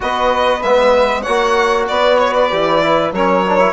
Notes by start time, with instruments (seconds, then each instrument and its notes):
0.00 bassoon B3, trombone F#4, saxophone B4, violin D#5
0.62 bassoon G#3, trombone B3, violin E5
1.22 bassoon A#3, trombone F#4, saxophone C#5, violin F#5
1.88 bassoon B3, saxophone B4, violin D5
2.18 violin C#5
2.33 violin D5
2.51 bassoon E3, trombone G4
2.82 trombone E4
3.12 bassoon F#3, trombone C#4, saxophone A#4, violin C#5
3.46 trombone D4
3.59 trombone E4